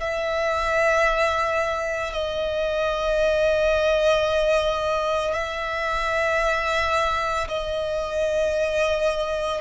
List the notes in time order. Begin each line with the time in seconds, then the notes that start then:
0.00 E5
2.13 D#5
5.34 E5
7.48 D#5